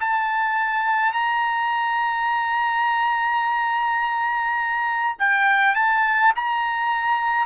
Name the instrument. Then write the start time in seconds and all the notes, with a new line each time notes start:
trumpet
0.00 A5
1.13 A#5
5.19 G5
5.75 A5
6.36 A#5